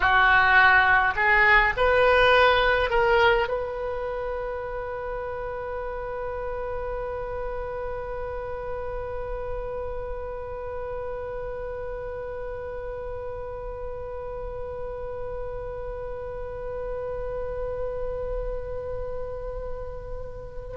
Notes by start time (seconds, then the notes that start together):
0.00 F#4
1.15 G#4
1.76 B4
2.90 A#4
3.48 B4